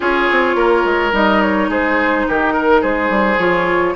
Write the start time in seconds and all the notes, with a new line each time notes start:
0.00 C#4 F4 G#4 C#5
0.31 C4
0.55 A#3 A#4
0.84 G#3
1.12 G3 D#4 D#5
1.41 C#5
1.68 G#3 G#4 C5
2.27 D#3 G4 A#4
2.53 A#4
2.81 G#3 G#4 C5
3.09 G3
3.37 F3 F4 C#5